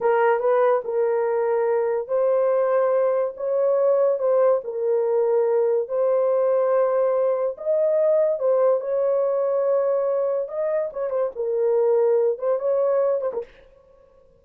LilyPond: \new Staff \with { instrumentName = "horn" } { \time 4/4 \tempo 4 = 143 ais'4 b'4 ais'2~ | ais'4 c''2. | cis''2 c''4 ais'4~ | ais'2 c''2~ |
c''2 dis''2 | c''4 cis''2.~ | cis''4 dis''4 cis''8 c''8 ais'4~ | ais'4. c''8 cis''4. c''16 ais'16 | }